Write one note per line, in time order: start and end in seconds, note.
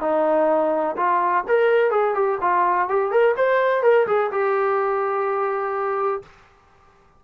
0.00 0.95 D#4
0.96 1.44 F4
1.47 1.90 A#4
1.90 2.14 G#4
2.14 2.38 G4
2.40 2.88 F4
2.88 3.11 G4
3.11 3.35 A#4
3.36 3.82 C5
3.82 4.06 A#4
4.06 4.30 G#4
4.31 6.22 G4